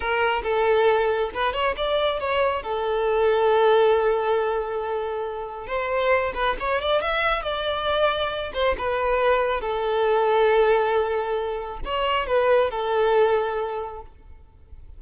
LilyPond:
\new Staff \with { instrumentName = "violin" } { \time 4/4 \tempo 4 = 137 ais'4 a'2 b'8 cis''8 | d''4 cis''4 a'2~ | a'1~ | a'4 c''4. b'8 cis''8 d''8 |
e''4 d''2~ d''8 c''8 | b'2 a'2~ | a'2. cis''4 | b'4 a'2. | }